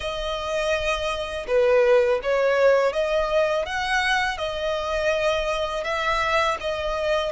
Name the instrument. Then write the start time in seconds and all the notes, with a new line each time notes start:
violin
0.00 D#5
1.47 B4
2.22 C#5
2.93 D#5
3.65 F#5
4.37 D#5
5.84 E5
6.60 D#5